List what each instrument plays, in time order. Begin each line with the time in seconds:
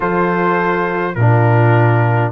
0.00 tuba F3, trombone F4, horn A4, trumpet C5
1.14 tuba A#2, trombone D4, horn F4, trumpet A#4